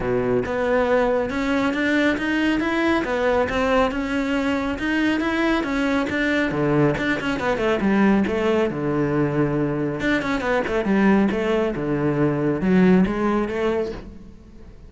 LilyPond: \new Staff \with { instrumentName = "cello" } { \time 4/4 \tempo 4 = 138 b,4 b2 cis'4 | d'4 dis'4 e'4 b4 | c'4 cis'2 dis'4 | e'4 cis'4 d'4 d4 |
d'8 cis'8 b8 a8 g4 a4 | d2. d'8 cis'8 | b8 a8 g4 a4 d4~ | d4 fis4 gis4 a4 | }